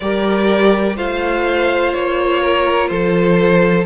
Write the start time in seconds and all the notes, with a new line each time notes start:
0.00 G3 G4 A#4 D5
0.96 A3 F4 C5 F5
1.93 A#3 C#5
2.41 A#4
2.88 F3 A4 C5